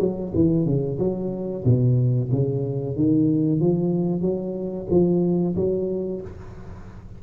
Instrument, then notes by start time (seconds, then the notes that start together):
tuba
0.00 F#3
0.35 E3
0.66 C#3
0.99 F#3
1.65 B2
2.32 C#3
2.96 D#3
3.60 F3
4.22 F#3
4.90 F3
5.56 F#3